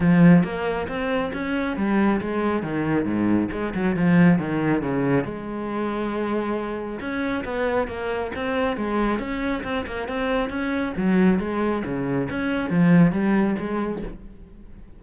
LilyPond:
\new Staff \with { instrumentName = "cello" } { \time 4/4 \tempo 4 = 137 f4 ais4 c'4 cis'4 | g4 gis4 dis4 gis,4 | gis8 fis8 f4 dis4 cis4 | gis1 |
cis'4 b4 ais4 c'4 | gis4 cis'4 c'8 ais8 c'4 | cis'4 fis4 gis4 cis4 | cis'4 f4 g4 gis4 | }